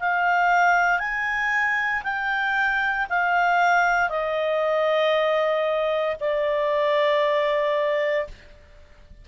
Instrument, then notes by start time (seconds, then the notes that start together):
clarinet
0.00 F5
0.99 G#5
2.04 G5
3.09 F5
4.09 D#5
6.20 D5